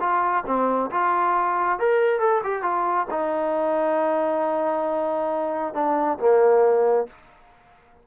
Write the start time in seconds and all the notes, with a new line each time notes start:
0.00 F4
0.46 C4
0.91 F4
1.79 A#4
2.19 A4
2.44 G4
2.62 F4
3.10 D#4
5.74 D4
6.19 A#3